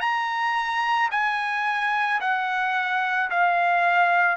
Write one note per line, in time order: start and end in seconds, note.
0.00 1.09 A#5
1.11 2.20 G#5
2.20 3.29 F#5
3.30 4.36 F5